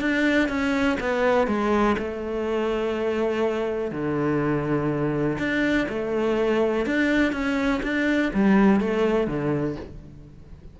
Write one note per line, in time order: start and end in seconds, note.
0.00 0.49 D4
0.49 0.98 C#4
1.00 1.47 B3
1.47 1.96 G#3
1.98 3.91 A3
3.91 5.37 D3
5.38 5.87 D4
5.88 6.86 A3
6.86 7.32 D4
7.32 7.81 C#4
7.83 8.31 D4
8.33 8.80 G3
8.80 9.27 A3
9.27 9.76 D3